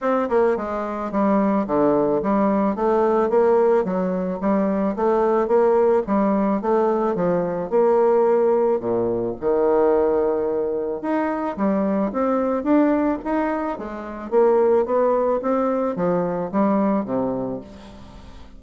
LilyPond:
\new Staff \with { instrumentName = "bassoon" } { \time 4/4 \tempo 4 = 109 c'8 ais8 gis4 g4 d4 | g4 a4 ais4 fis4 | g4 a4 ais4 g4 | a4 f4 ais2 |
ais,4 dis2. | dis'4 g4 c'4 d'4 | dis'4 gis4 ais4 b4 | c'4 f4 g4 c4 | }